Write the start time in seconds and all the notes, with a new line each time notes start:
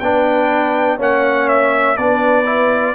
0.00 B3 D4 B4 G5
0.97 A#3 C#4 C#5 F#5
1.48 E5
1.97 B3 D4 B4 D5
2.45 E4